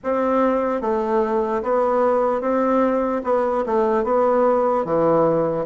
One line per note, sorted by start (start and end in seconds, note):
0.03 0.81 C4
0.81 1.62 A3
1.62 2.41 B3
2.41 3.22 C4
3.24 3.64 B3
3.66 4.04 A3
4.04 4.84 B3
4.84 5.65 E3